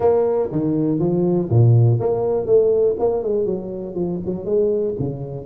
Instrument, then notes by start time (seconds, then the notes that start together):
tuba
0.00 A#3
0.51 D#3
0.99 F3
1.50 A#2
1.99 A#3
2.46 A3
2.99 A#3
3.23 G#3
3.45 F#3
3.94 F3
4.25 F#3
4.45 G#3
4.99 C#3